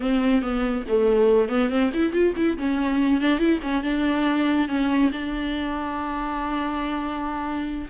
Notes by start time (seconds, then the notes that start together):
0.00 C4
0.41 B3
0.88 A3
1.49 B3
1.69 C4
1.93 E4
2.12 F4
2.36 E4
2.57 C#4
3.20 D4
3.38 E4
3.62 C#4
3.83 D4
4.68 C#4
5.12 D4